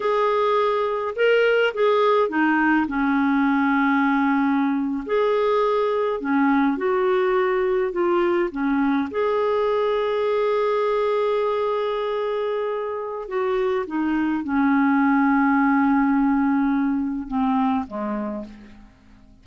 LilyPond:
\new Staff \with { instrumentName = "clarinet" } { \time 4/4 \tempo 4 = 104 gis'2 ais'4 gis'4 | dis'4 cis'2.~ | cis'8. gis'2 cis'4 fis'16~ | fis'4.~ fis'16 f'4 cis'4 gis'16~ |
gis'1~ | gis'2. fis'4 | dis'4 cis'2.~ | cis'2 c'4 gis4 | }